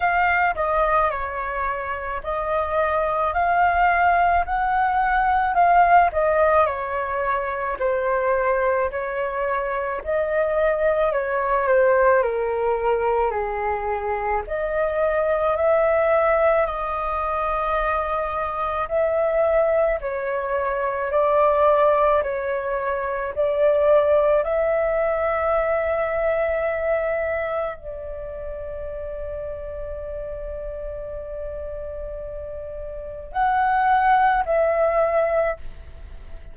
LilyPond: \new Staff \with { instrumentName = "flute" } { \time 4/4 \tempo 4 = 54 f''8 dis''8 cis''4 dis''4 f''4 | fis''4 f''8 dis''8 cis''4 c''4 | cis''4 dis''4 cis''8 c''8 ais'4 | gis'4 dis''4 e''4 dis''4~ |
dis''4 e''4 cis''4 d''4 | cis''4 d''4 e''2~ | e''4 d''2.~ | d''2 fis''4 e''4 | }